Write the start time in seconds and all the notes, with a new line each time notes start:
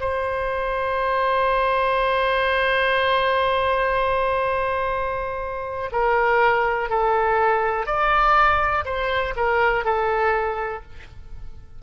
0.00 C5
5.92 A#4
6.89 A4
7.86 D5
8.85 C5
9.36 A#4
9.84 A4